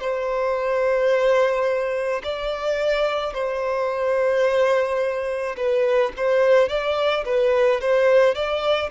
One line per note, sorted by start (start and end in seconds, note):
0.00 2.22 C5
2.24 3.34 D5
3.34 5.56 C5
5.57 6.13 B4
6.17 6.69 C5
6.69 7.25 D5
7.26 7.81 B4
7.81 8.35 C5
8.35 8.90 D5